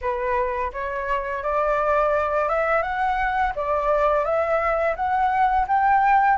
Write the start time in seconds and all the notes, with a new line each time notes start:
0.01 B4
0.73 C#5
1.43 D5
2.48 E5
2.82 F#5
3.55 D5
4.24 E5
4.96 F#5
5.67 G5